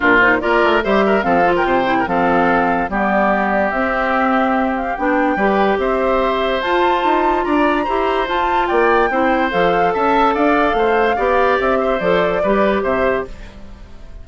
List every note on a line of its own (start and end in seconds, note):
0.00 0.42 A#2
0.00 0.19 D4
0.00 0.37 F4
0.00 0.18 A#4
0.20 0.40 D#4
0.20 0.40 C5
0.40 0.63 A#3
0.40 0.82 F4
0.40 0.84 A#4
0.40 0.82 D5
0.63 0.84 A3
0.82 1.23 G3
0.82 1.21 G4
0.82 1.04 C5
0.82 1.22 E5
1.06 1.25 A#4
1.21 1.64 F3
1.21 1.42 C4
1.21 1.55 A4
1.21 1.53 F5
1.44 1.85 F4
1.55 1.66 A#4
1.55 2.07 G5
1.64 2.05 C3
1.64 1.97 C5
1.85 2.05 E4
1.99 2.08 A#4
2.06 2.89 F3
2.06 2.89 C4
2.06 2.90 A4
2.06 2.90 F5
2.89 3.71 G3
2.89 3.73 B3
2.89 5.35 G4
2.89 3.70 D5
3.70 4.96 C4
3.70 4.97 C4
3.70 4.73 E5
4.76 4.96 F5
4.96 5.35 B3
4.96 5.37 D4
4.96 5.78 G5
5.35 5.77 G3
5.35 6.62 G4
5.35 5.77 B4
5.78 6.60 C4
5.78 7.45 C5
5.78 6.61 E5
6.61 7.03 F4
6.61 7.86 F4
6.61 7.44 A5
7.04 7.45 D#4
7.44 7.87 D4
7.44 7.84 D5
7.44 8.26 A#5
7.84 8.28 E4
7.84 8.27 G4
7.84 8.66 C5
8.27 9.10 F4
8.27 8.69 F4
8.27 8.67 A5
8.67 9.10 A#3
8.67 9.09 D5
8.67 9.50 G5
9.10 9.51 C4
9.10 9.51 E4
9.10 9.93 C5
9.51 9.94 F3
9.51 11.16 A4
9.51 9.92 F5
9.93 10.35 C#4
9.93 10.34 E5
9.93 10.35 A5
10.34 10.73 D4
10.34 10.76 D5
10.34 11.59 F5
10.73 11.15 A3
10.73 11.16 C5
11.16 11.59 B3
11.16 11.99 G4
11.16 11.78 D5
11.59 12.00 C4
11.59 11.99 E5
11.80 12.42 C5
11.99 12.41 F3
11.99 12.42 A4
11.99 12.82 D5
12.42 12.82 G3
12.42 13.27 G4
12.42 12.82 B4
12.82 13.24 C3
12.82 13.24 C5
12.82 13.25 E5